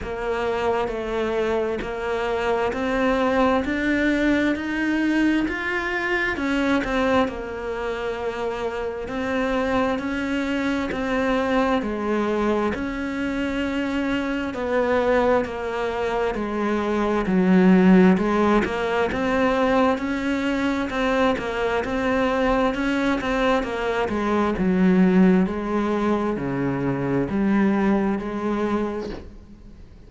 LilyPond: \new Staff \with { instrumentName = "cello" } { \time 4/4 \tempo 4 = 66 ais4 a4 ais4 c'4 | d'4 dis'4 f'4 cis'8 c'8 | ais2 c'4 cis'4 | c'4 gis4 cis'2 |
b4 ais4 gis4 fis4 | gis8 ais8 c'4 cis'4 c'8 ais8 | c'4 cis'8 c'8 ais8 gis8 fis4 | gis4 cis4 g4 gis4 | }